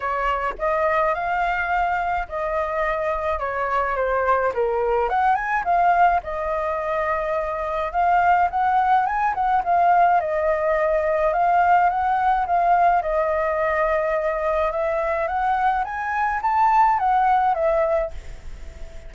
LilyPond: \new Staff \with { instrumentName = "flute" } { \time 4/4 \tempo 4 = 106 cis''4 dis''4 f''2 | dis''2 cis''4 c''4 | ais'4 fis''8 gis''8 f''4 dis''4~ | dis''2 f''4 fis''4 |
gis''8 fis''8 f''4 dis''2 | f''4 fis''4 f''4 dis''4~ | dis''2 e''4 fis''4 | gis''4 a''4 fis''4 e''4 | }